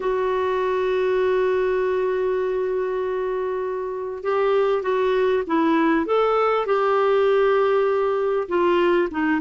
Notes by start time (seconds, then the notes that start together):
0.00 F#4
4.23 G4
4.82 F#4
5.46 E4
6.06 A4
6.66 G4
8.48 F4
9.10 D#4